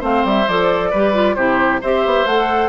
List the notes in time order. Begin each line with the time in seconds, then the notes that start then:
0.00 A3 C4 C5 F5
0.25 G3 E5
0.48 F3 A4 D5
0.91 G3 G4 B4
1.14 F4
1.35 C3 E4 G4 C5
1.81 C4 G4 C5 E5
2.06 B3
2.26 A3 A4 F#5